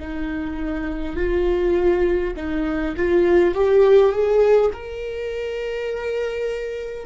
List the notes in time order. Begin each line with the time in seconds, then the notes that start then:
0.00 D#4
1.17 F4
2.37 D#4
2.97 F4
3.55 G4
4.13 G#4
4.73 A#4